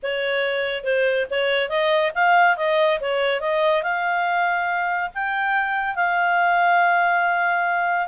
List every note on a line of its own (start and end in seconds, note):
0.03 0.83 C#5
0.83 1.26 C5
1.30 1.69 C#5
1.69 2.11 D#5
2.15 2.56 F5
2.56 2.99 D#5
3.00 3.40 C#5
3.40 3.82 D#5
3.83 5.10 F5
5.14 5.95 G5
5.95 8.08 F5